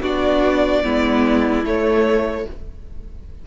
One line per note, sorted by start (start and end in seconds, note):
0.00 0.81 B3
0.00 0.83 D4
0.00 0.83 F#4
0.00 1.65 D5
0.83 1.64 G#3
0.83 1.64 B3
0.83 2.45 E4
1.64 2.45 A3
1.64 2.46 A3
1.64 2.47 C#5